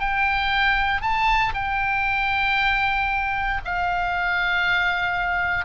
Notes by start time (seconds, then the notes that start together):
0.00 G5
1.02 A5
1.54 G5
3.64 F5